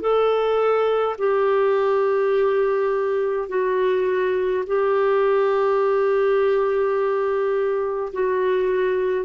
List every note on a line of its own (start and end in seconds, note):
0.00 1.15 A4
1.18 3.48 G4
3.48 4.64 F#4
4.66 8.12 G4
8.12 9.25 F#4